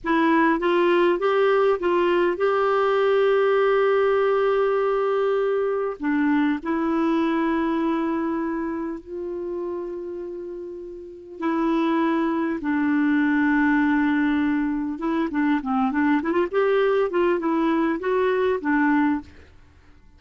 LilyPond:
\new Staff \with { instrumentName = "clarinet" } { \time 4/4 \tempo 4 = 100 e'4 f'4 g'4 f'4 | g'1~ | g'2 d'4 e'4~ | e'2. f'4~ |
f'2. e'4~ | e'4 d'2.~ | d'4 e'8 d'8 c'8 d'8 e'16 f'16 g'8~ | g'8 f'8 e'4 fis'4 d'4 | }